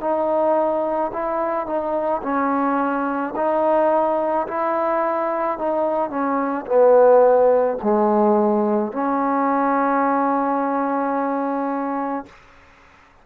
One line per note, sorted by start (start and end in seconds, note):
0.00 1.11 D#4
1.13 1.66 E4
1.66 2.21 D#4
2.22 3.33 C#4
3.36 4.47 D#4
4.47 5.58 E4
5.58 6.10 D#4
6.10 6.65 C#4
6.66 7.77 B3
7.82 8.92 G#3
8.92 12.25 C#4